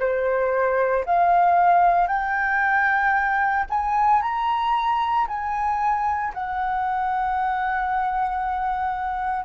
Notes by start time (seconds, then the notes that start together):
0.00 C5
1.06 F5
2.08 G5
3.70 G#5
4.22 A#5
5.28 G#5
6.34 F#5